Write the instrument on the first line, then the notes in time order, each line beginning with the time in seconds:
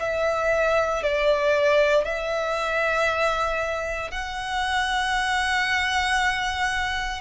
violin
0.00 E5
1.03 D5
2.05 E5
4.11 F#5